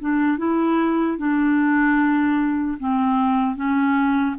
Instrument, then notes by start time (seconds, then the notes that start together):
clarinet
0.00 D4
0.37 E4
1.17 D4
2.79 C4
3.55 C#4